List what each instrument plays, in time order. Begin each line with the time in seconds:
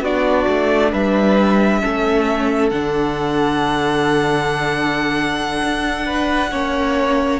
0.00 cello B3, viola D4, violin F#4 D5
0.48 cello A3
0.91 cello G3, violin B4 E5
1.81 cello A3, viola C#4, violin A4
2.69 cello D3, viola D4, violin F#5
5.62 cello D4
6.05 violin B4
6.51 cello A#3, viola C#4, violin C#5